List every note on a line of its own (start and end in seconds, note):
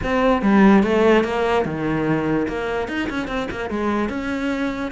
0.03 0.42 C4
0.42 0.83 G3
0.83 1.24 A3
1.24 1.65 A#3
1.65 2.47 D#3
2.48 2.88 A#3
2.88 3.08 D#4
3.09 3.27 C#4
3.27 3.48 C4
3.51 3.70 A#3
3.70 4.09 G#3
4.09 4.91 C#4